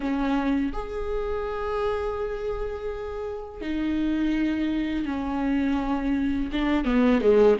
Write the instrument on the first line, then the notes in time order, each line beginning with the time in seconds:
viola
0.00 C#4
0.72 G#4
3.61 D#4
5.05 C#4
6.52 D4
6.84 B3
7.21 G#3